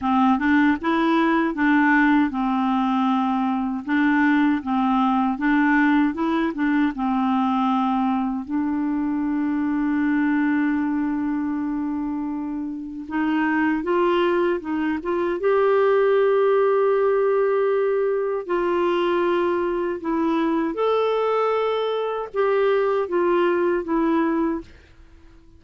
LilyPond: \new Staff \with { instrumentName = "clarinet" } { \time 4/4 \tempo 4 = 78 c'8 d'8 e'4 d'4 c'4~ | c'4 d'4 c'4 d'4 | e'8 d'8 c'2 d'4~ | d'1~ |
d'4 dis'4 f'4 dis'8 f'8 | g'1 | f'2 e'4 a'4~ | a'4 g'4 f'4 e'4 | }